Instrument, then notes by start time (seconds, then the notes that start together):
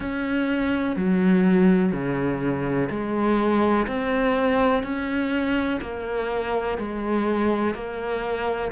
cello
0.00 C#4
0.95 F#3
1.92 C#3
2.90 G#3
3.87 C4
4.83 C#4
5.81 A#3
6.77 G#3
7.74 A#3